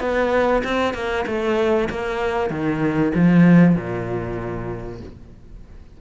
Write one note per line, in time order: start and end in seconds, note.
0.00 0.62 B3
0.64 0.94 C4
0.94 1.25 A#3
1.26 1.89 A3
1.89 2.50 A#3
2.50 3.12 D#3
3.14 3.75 F3
3.75 5.00 A#2